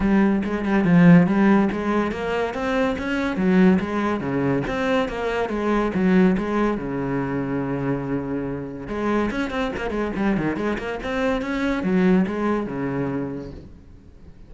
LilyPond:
\new Staff \with { instrumentName = "cello" } { \time 4/4 \tempo 4 = 142 g4 gis8 g8 f4 g4 | gis4 ais4 c'4 cis'4 | fis4 gis4 cis4 c'4 | ais4 gis4 fis4 gis4 |
cis1~ | cis4 gis4 cis'8 c'8 ais8 gis8 | g8 dis8 gis8 ais8 c'4 cis'4 | fis4 gis4 cis2 | }